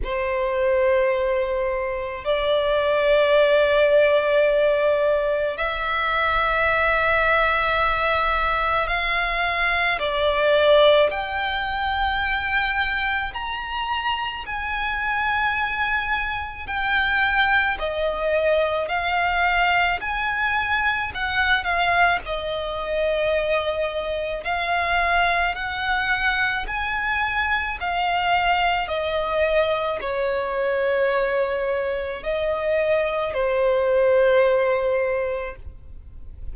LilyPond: \new Staff \with { instrumentName = "violin" } { \time 4/4 \tempo 4 = 54 c''2 d''2~ | d''4 e''2. | f''4 d''4 g''2 | ais''4 gis''2 g''4 |
dis''4 f''4 gis''4 fis''8 f''8 | dis''2 f''4 fis''4 | gis''4 f''4 dis''4 cis''4~ | cis''4 dis''4 c''2 | }